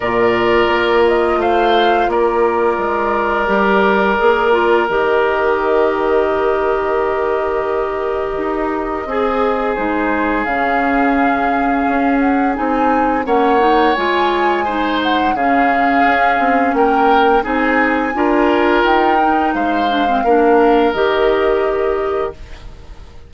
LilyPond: <<
  \new Staff \with { instrumentName = "flute" } { \time 4/4 \tempo 4 = 86 d''4. dis''8 f''4 d''4~ | d''2. dis''4~ | dis''1~ | dis''2 c''4 f''4~ |
f''4. fis''8 gis''4 fis''4 | gis''4. fis''8 f''2 | g''4 gis''2 g''4 | f''2 dis''2 | }
  \new Staff \with { instrumentName = "oboe" } { \time 4/4 ais'2 c''4 ais'4~ | ais'1~ | ais'1~ | ais'4 gis'2.~ |
gis'2. cis''4~ | cis''4 c''4 gis'2 | ais'4 gis'4 ais'2 | c''4 ais'2. | }
  \new Staff \with { instrumentName = "clarinet" } { \time 4/4 f'1~ | f'4 g'4 gis'8 f'8 g'4~ | g'1~ | g'4 gis'4 dis'4 cis'4~ |
cis'2 dis'4 cis'8 dis'8 | f'4 dis'4 cis'2~ | cis'4 dis'4 f'4. dis'8~ | dis'8 d'16 c'16 d'4 g'2 | }
  \new Staff \with { instrumentName = "bassoon" } { \time 4/4 ais,4 ais4 a4 ais4 | gis4 g4 ais4 dis4~ | dis1 | dis'4 c'4 gis4 cis4~ |
cis4 cis'4 c'4 ais4 | gis2 cis4 cis'8 c'8 | ais4 c'4 d'4 dis'4 | gis4 ais4 dis2 | }
>>